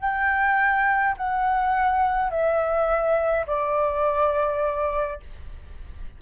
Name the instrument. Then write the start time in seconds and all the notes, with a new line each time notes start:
flute
0.00 G5
1.17 F#5
2.31 E5
3.47 D5